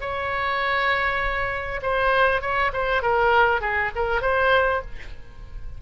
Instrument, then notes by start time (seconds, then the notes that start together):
oboe
0.00 C#5
1.82 C5
2.41 C#5
2.73 C5
3.02 A#4
3.61 G#4
3.95 A#4
4.21 C5